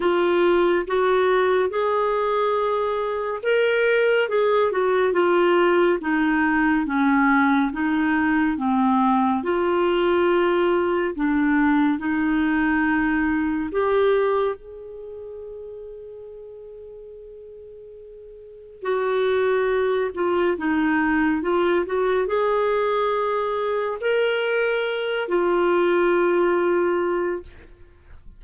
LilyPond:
\new Staff \with { instrumentName = "clarinet" } { \time 4/4 \tempo 4 = 70 f'4 fis'4 gis'2 | ais'4 gis'8 fis'8 f'4 dis'4 | cis'4 dis'4 c'4 f'4~ | f'4 d'4 dis'2 |
g'4 gis'2.~ | gis'2 fis'4. f'8 | dis'4 f'8 fis'8 gis'2 | ais'4. f'2~ f'8 | }